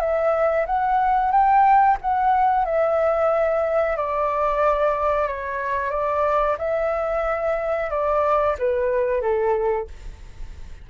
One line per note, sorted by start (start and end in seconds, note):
0.00 0.66 E5
0.67 1.32 F#5
1.32 1.98 G5
2.02 2.66 F#5
2.66 3.97 E5
3.97 5.28 D5
5.28 5.91 C#5
5.91 6.57 D5
6.59 7.91 E5
7.91 8.57 D5
8.59 9.22 B4
9.22 9.88 A4